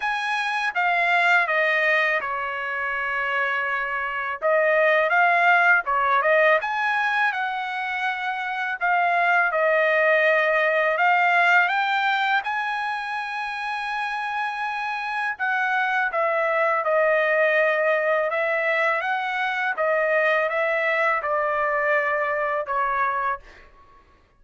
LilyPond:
\new Staff \with { instrumentName = "trumpet" } { \time 4/4 \tempo 4 = 82 gis''4 f''4 dis''4 cis''4~ | cis''2 dis''4 f''4 | cis''8 dis''8 gis''4 fis''2 | f''4 dis''2 f''4 |
g''4 gis''2.~ | gis''4 fis''4 e''4 dis''4~ | dis''4 e''4 fis''4 dis''4 | e''4 d''2 cis''4 | }